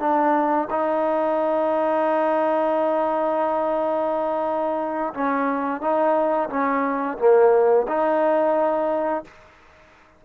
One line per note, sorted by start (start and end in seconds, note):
0.00 0.68 D4
0.70 5.13 D#4
5.14 5.81 C#4
5.81 6.49 D#4
6.50 7.18 C#4
7.18 7.87 A#3
7.88 9.24 D#4